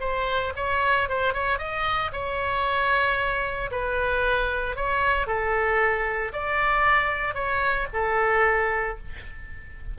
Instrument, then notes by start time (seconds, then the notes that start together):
oboe
0.00 C5
0.56 C#5
1.09 C5
1.34 C#5
1.59 D#5
2.12 C#5
3.71 B4
4.76 C#5
5.27 A4
6.33 D5
7.34 C#5
7.93 A4